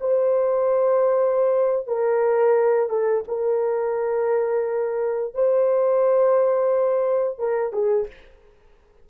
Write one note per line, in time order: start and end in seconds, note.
0.00 1.87 C5
1.87 2.89 A#4
2.89 3.24 A4
3.28 5.34 A#4
5.34 7.38 C5
7.38 7.72 A#4
7.72 8.07 G#4